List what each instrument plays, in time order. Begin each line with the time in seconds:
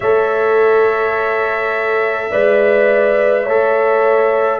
0.00 tuba A3, trombone A4, horn C#5, trumpet E5
2.30 tuba G#3, trombone B4, horn D5
3.44 tuba A3, trombone A4, horn C#5